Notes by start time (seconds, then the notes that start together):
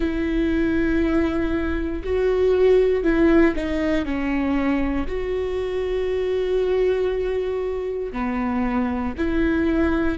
0.00 E4
2.03 F#4
3.03 E4
3.55 D#4
4.05 C#4
5.07 F#4
8.12 B3
9.18 E4